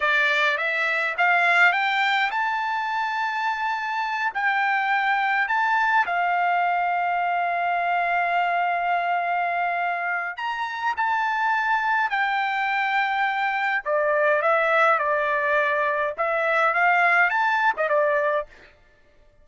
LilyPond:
\new Staff \with { instrumentName = "trumpet" } { \time 4/4 \tempo 4 = 104 d''4 e''4 f''4 g''4 | a''2.~ a''8 g''8~ | g''4. a''4 f''4.~ | f''1~ |
f''2 ais''4 a''4~ | a''4 g''2. | d''4 e''4 d''2 | e''4 f''4 a''8. dis''16 d''4 | }